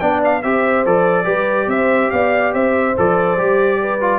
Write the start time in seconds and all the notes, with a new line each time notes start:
0.00 B3 D4 D5 G5
0.25 F5
0.43 C4 G4 C5 E5
0.86 F3 A4 D5
1.25 G3 G4 B4
1.68 C4 C5 E5
2.11 B3 D5 F5
2.54 C4 C5 E5
2.98 F3 A4 D5
3.38 G3 G4
3.81 B4
4.01 F4